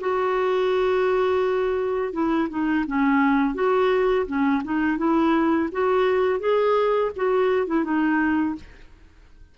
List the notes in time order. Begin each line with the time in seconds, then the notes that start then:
0.00 F#4
2.12 E4
2.49 D#4
2.86 C#4
3.54 F#4
4.26 C#4
4.64 D#4
4.97 E4
5.72 F#4
6.39 G#4
7.16 F#4
7.67 E4
7.84 D#4